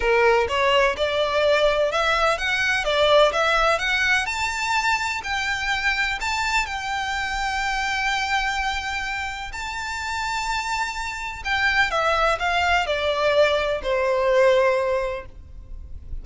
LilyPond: \new Staff \with { instrumentName = "violin" } { \time 4/4 \tempo 4 = 126 ais'4 cis''4 d''2 | e''4 fis''4 d''4 e''4 | fis''4 a''2 g''4~ | g''4 a''4 g''2~ |
g''1 | a''1 | g''4 e''4 f''4 d''4~ | d''4 c''2. | }